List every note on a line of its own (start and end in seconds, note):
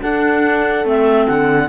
0.00 0.84 D4
0.00 0.85 D4
0.00 1.69 A4
0.00 0.87 F#5
0.84 1.28 A3
0.84 1.69 C4
0.84 1.27 E5
1.27 1.69 D3
1.27 1.69 F#5